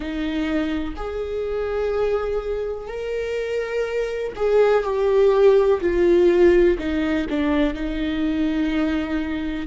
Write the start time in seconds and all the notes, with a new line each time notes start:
0.00 D#4
0.96 G#4
2.87 A#4
4.35 G#4
4.83 G4
5.80 F4
6.78 D#4
7.29 D4
7.74 D#4